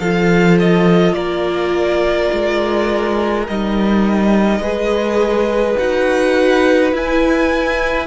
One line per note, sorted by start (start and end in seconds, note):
0.00 1.14 F3
0.00 3.48 F4
0.00 1.16 A4
0.00 0.58 F5
0.60 1.14 D#5
1.14 2.29 A#3
1.14 4.61 A#4
1.14 3.45 D5
2.33 3.48 G#3
3.48 4.60 G3
3.48 4.63 D#4
3.48 5.78 D#5
4.60 5.75 G#3
4.60 5.79 G#4
4.60 8.07 B4
5.78 6.93 D#4
5.78 6.94 F#4
5.78 6.93 F#5
6.93 8.07 E4
6.93 8.07 G#5